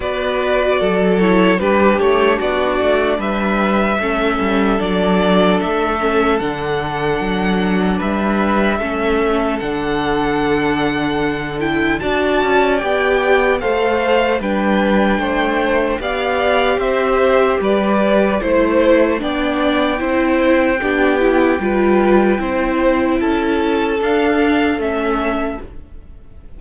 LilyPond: <<
  \new Staff \with { instrumentName = "violin" } { \time 4/4 \tempo 4 = 75 d''4. cis''8 b'8 cis''8 d''4 | e''2 d''4 e''4 | fis''2 e''2 | fis''2~ fis''8 g''8 a''4 |
g''4 f''4 g''2 | f''4 e''4 d''4 c''4 | g''1~ | g''4 a''4 f''4 e''4 | }
  \new Staff \with { instrumentName = "violin" } { \time 4/4 b'4 a'4 g'4 fis'4 | b'4 a'2.~ | a'2 b'4 a'4~ | a'2. d''4~ |
d''4 c''4 b'4 c''4 | d''4 c''4 b'4 c''4 | d''4 c''4 g'4 b'4 | c''4 a'2. | }
  \new Staff \with { instrumentName = "viola" } { \time 4/4 fis'4. e'8 d'2~ | d'4 cis'4 d'4. cis'8 | d'2. cis'4 | d'2~ d'8 e'8 fis'4 |
g'4 a'4 d'2 | g'2. e'4 | d'4 e'4 d'8 e'8 f'4 | e'2 d'4 cis'4 | }
  \new Staff \with { instrumentName = "cello" } { \time 4/4 b4 fis4 g8 a8 b8 a8 | g4 a8 g8 fis4 a4 | d4 fis4 g4 a4 | d2. d'8 cis'8 |
b4 a4 g4 a4 | b4 c'4 g4 a4 | b4 c'4 b4 g4 | c'4 cis'4 d'4 a4 | }
>>